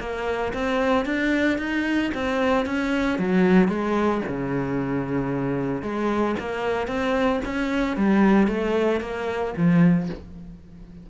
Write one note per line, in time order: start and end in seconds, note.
0.00 0.53 A#3
0.53 1.05 C4
1.05 1.58 D4
1.58 2.11 D#4
2.14 2.66 C4
2.66 3.19 C#4
3.19 3.69 F#3
3.69 4.22 G#3
4.27 5.82 C#3
5.82 6.35 G#3
6.39 6.87 A#3
6.87 7.40 C4
7.45 7.97 C#4
7.97 8.48 G3
8.48 9.01 A3
9.01 9.54 A#3
9.56 10.10 F3